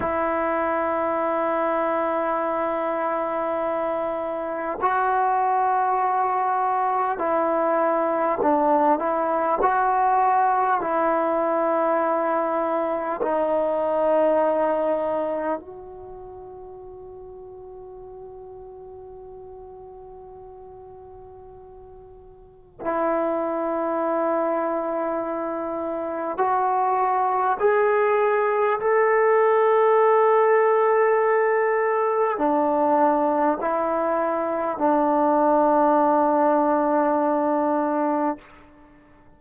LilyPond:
\new Staff \with { instrumentName = "trombone" } { \time 4/4 \tempo 4 = 50 e'1 | fis'2 e'4 d'8 e'8 | fis'4 e'2 dis'4~ | dis'4 fis'2.~ |
fis'2. e'4~ | e'2 fis'4 gis'4 | a'2. d'4 | e'4 d'2. | }